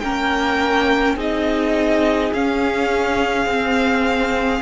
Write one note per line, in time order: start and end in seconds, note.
0.00 1.15 A#3
0.00 1.17 C#4
0.00 1.15 A#4
0.00 1.15 G5
1.15 2.31 C4
1.15 2.33 D#4
1.15 4.61 G#4
1.15 2.33 D#5
2.33 3.45 C#4
2.33 3.46 C#4
2.33 4.61 F5
3.45 4.61 C4